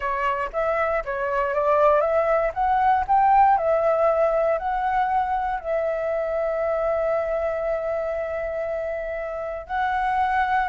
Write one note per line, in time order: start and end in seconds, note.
0.00 0.50 C#5
0.52 1.03 E5
1.04 1.54 C#5
1.54 2.00 D5
2.00 2.51 E5
2.54 3.04 F#5
3.07 3.57 G5
3.57 4.58 E5
4.58 5.60 F#5
5.60 9.66 E5
9.67 10.68 F#5